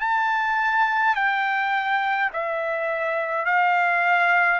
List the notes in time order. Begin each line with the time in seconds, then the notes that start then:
0.00 A5
1.15 G5
2.33 E5
3.45 F5